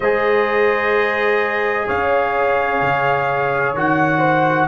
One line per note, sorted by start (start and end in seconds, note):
0.00 1.88 G#3
0.00 3.76 G#4
0.00 1.87 C5
0.00 1.88 D#5
1.87 2.81 C#4
1.87 4.18 C#5
1.87 3.75 F5
2.81 3.73 C#3
3.73 4.67 D#3
3.73 4.67 F#4
3.73 4.67 F#5
4.18 4.65 C5